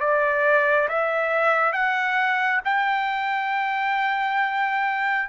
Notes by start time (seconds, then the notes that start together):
0.00 D5
0.89 E5
1.73 F#5
2.65 G5